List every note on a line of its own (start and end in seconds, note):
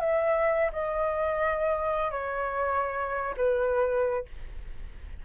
0.00 0.71 E5
0.72 2.11 D#5
2.11 3.35 C#5
3.37 4.25 B4